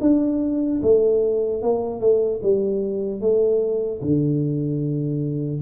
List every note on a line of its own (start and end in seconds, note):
0.00 0.80 D4
0.82 1.62 A3
1.62 2.00 A#3
2.00 2.40 A3
2.42 3.20 G3
3.20 4.00 A3
4.01 5.61 D3